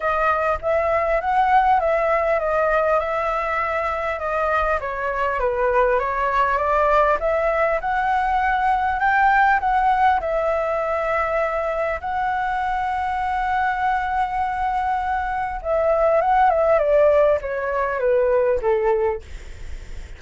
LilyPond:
\new Staff \with { instrumentName = "flute" } { \time 4/4 \tempo 4 = 100 dis''4 e''4 fis''4 e''4 | dis''4 e''2 dis''4 | cis''4 b'4 cis''4 d''4 | e''4 fis''2 g''4 |
fis''4 e''2. | fis''1~ | fis''2 e''4 fis''8 e''8 | d''4 cis''4 b'4 a'4 | }